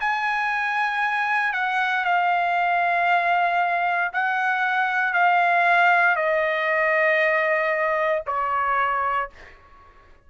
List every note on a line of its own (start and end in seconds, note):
0.00 1.53 G#5
1.53 2.05 F#5
2.05 4.11 F5
4.13 5.13 F#5
5.13 6.16 F5
6.16 8.22 D#5
8.26 9.30 C#5